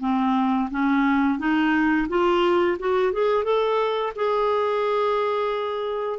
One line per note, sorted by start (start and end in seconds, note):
0.00 0.69 C4
0.71 1.39 C#4
1.39 2.08 D#4
2.08 2.77 F4
2.79 3.13 F#4
3.13 3.44 G#4
3.44 4.13 A4
4.15 6.19 G#4